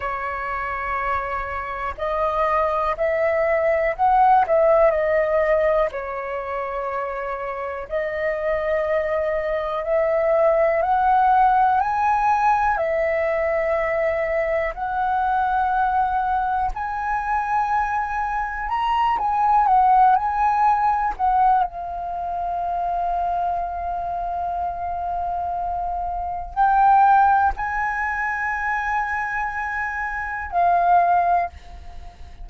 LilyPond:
\new Staff \with { instrumentName = "flute" } { \time 4/4 \tempo 4 = 61 cis''2 dis''4 e''4 | fis''8 e''8 dis''4 cis''2 | dis''2 e''4 fis''4 | gis''4 e''2 fis''4~ |
fis''4 gis''2 ais''8 gis''8 | fis''8 gis''4 fis''8 f''2~ | f''2. g''4 | gis''2. f''4 | }